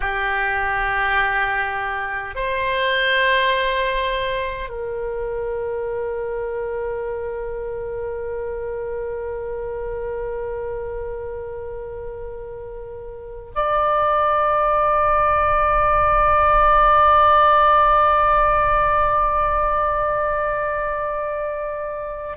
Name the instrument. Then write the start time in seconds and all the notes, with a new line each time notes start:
oboe
0.00 G4
2.35 C5
4.69 A#4
13.55 D5